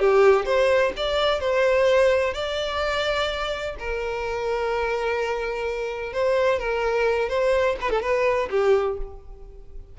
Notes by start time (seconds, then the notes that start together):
0.00 G4
0.46 C5
0.97 D5
1.40 C5
2.34 D5
3.79 A#4
6.13 C5
6.59 A#4
7.29 C5
7.81 B4
7.91 A4
8.02 B4
8.51 G4